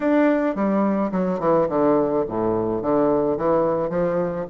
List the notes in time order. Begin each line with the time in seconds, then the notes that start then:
0.00 D4
0.55 G3
1.11 F#3
1.39 E3
1.68 D3
2.27 A2
2.82 D3
3.37 E3
3.89 F3